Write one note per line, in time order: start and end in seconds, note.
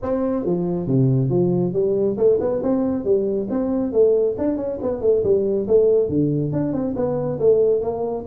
0.02 0.45 C4
0.45 0.86 F3
0.86 1.29 C3
1.29 1.73 F3
1.73 2.16 G3
2.17 2.39 A3
2.40 2.62 B3
2.62 3.04 C4
3.04 3.47 G3
3.50 3.92 C4
3.92 4.35 A3
4.38 4.56 D4
4.56 4.78 C#4
4.82 5.01 B3
5.01 5.23 A3
5.23 5.66 G3
5.67 6.08 A3
6.08 6.52 D3
6.52 6.73 D4
6.73 6.94 C4
6.95 7.39 B3
7.39 7.81 A3
7.81 8.24 A#3